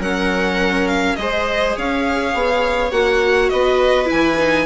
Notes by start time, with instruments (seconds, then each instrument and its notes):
0.00 bassoon F#3, viola C#4 A#4, violin F#5
0.88 violin F5
1.16 bassoon G#3, viola G#4, violin D#5
1.22 viola C5
1.77 bassoon C#4, viola C#5, violin F5
2.34 bassoon B3
2.92 bassoon A#3, viola F#4, violin F#5
3.49 bassoon B3, viola B4, violin D#5
4.05 viola E4, violin G#5
4.12 bassoon E3
4.40 viola D#4